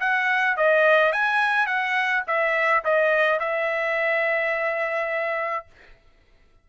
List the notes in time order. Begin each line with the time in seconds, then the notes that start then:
0.00 F#5
0.57 D#5
1.12 G#5
1.66 F#5
2.27 E5
2.84 D#5
3.40 E5